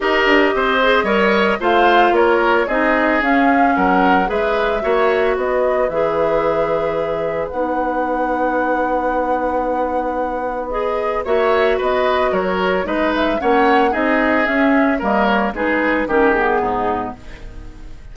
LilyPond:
<<
  \new Staff \with { instrumentName = "flute" } { \time 4/4 \tempo 4 = 112 dis''2. f''4 | cis''4 dis''4 f''4 fis''4 | e''2 dis''4 e''4~ | e''2 fis''2~ |
fis''1 | dis''4 e''4 dis''4 cis''4 | dis''8 e''8 fis''4 dis''4 e''4 | dis''8 cis''8 b'4 ais'8 gis'4. | }
  \new Staff \with { instrumentName = "oboe" } { \time 4/4 ais'4 c''4 cis''4 c''4 | ais'4 gis'2 ais'4 | b'4 cis''4 b'2~ | b'1~ |
b'1~ | b'4 cis''4 b'4 ais'4 | b'4 cis''4 gis'2 | ais'4 gis'4 g'4 dis'4 | }
  \new Staff \with { instrumentName = "clarinet" } { \time 4/4 g'4. gis'8 ais'4 f'4~ | f'4 dis'4 cis'2 | gis'4 fis'2 gis'4~ | gis'2 dis'2~ |
dis'1 | gis'4 fis'2. | dis'4 cis'4 dis'4 cis'4 | ais4 dis'4 cis'8 b4. | }
  \new Staff \with { instrumentName = "bassoon" } { \time 4/4 dis'8 d'8 c'4 g4 a4 | ais4 c'4 cis'4 fis4 | gis4 ais4 b4 e4~ | e2 b2~ |
b1~ | b4 ais4 b4 fis4 | gis4 ais4 c'4 cis'4 | g4 gis4 dis4 gis,4 | }
>>